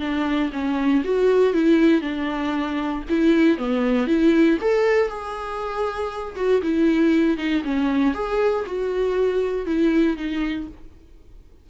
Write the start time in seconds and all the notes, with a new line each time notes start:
0.00 D4
0.53 C#4
1.04 F#4
1.54 E4
2.02 D4
3.10 E4
3.58 B3
4.07 E4
4.61 A4
5.08 G#4
6.36 F#4
6.62 E4
7.38 D#4
7.64 C#4
8.14 G#4
8.66 F#4
9.66 E4
10.17 D#4